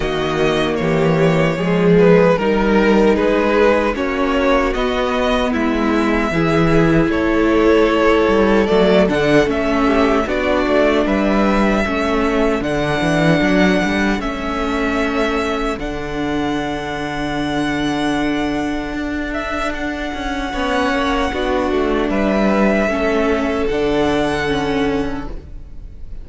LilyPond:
<<
  \new Staff \with { instrumentName = "violin" } { \time 4/4 \tempo 4 = 76 dis''4 cis''4. b'8 ais'4 | b'4 cis''4 dis''4 e''4~ | e''4 cis''2 d''8 fis''8 | e''4 d''4 e''2 |
fis''2 e''2 | fis''1~ | fis''8 e''8 fis''2. | e''2 fis''2 | }
  \new Staff \with { instrumentName = "violin" } { \time 4/4 fis'4 g'4 gis'4 ais'4 | gis'4 fis'2 e'4 | gis'4 a'2.~ | a'8 g'8 fis'4 b'4 a'4~ |
a'1~ | a'1~ | a'2 cis''4 fis'4 | b'4 a'2. | }
  \new Staff \with { instrumentName = "viola" } { \time 4/4 ais2 gis4 dis'4~ | dis'4 cis'4 b2 | e'2. a8 d'8 | cis'4 d'2 cis'4 |
d'2 cis'2 | d'1~ | d'2 cis'4 d'4~ | d'4 cis'4 d'4 cis'4 | }
  \new Staff \with { instrumentName = "cello" } { \time 4/4 dis4 e4 f4 g4 | gis4 ais4 b4 gis4 | e4 a4. g8 fis8 d8 | a4 b8 a8 g4 a4 |
d8 e8 fis8 g8 a2 | d1 | d'4. cis'8 b8 ais8 b8 a8 | g4 a4 d2 | }
>>